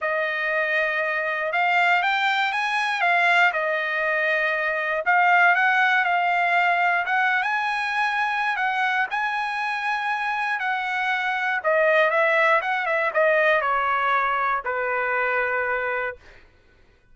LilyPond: \new Staff \with { instrumentName = "trumpet" } { \time 4/4 \tempo 4 = 119 dis''2. f''4 | g''4 gis''4 f''4 dis''4~ | dis''2 f''4 fis''4 | f''2 fis''8. gis''4~ gis''16~ |
gis''4 fis''4 gis''2~ | gis''4 fis''2 dis''4 | e''4 fis''8 e''8 dis''4 cis''4~ | cis''4 b'2. | }